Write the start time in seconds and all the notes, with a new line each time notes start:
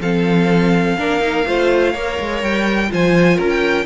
0.00 F3 C4 A4 F5
0.97 A#3 D4 A#4
1.20 D#4
1.47 A3 F4 C5
1.92 A#3 A#4 C#5
2.20 G#3
2.42 G3 G5
2.89 F3 F4 C5 G#5
3.36 C#4 A#4
3.50 G5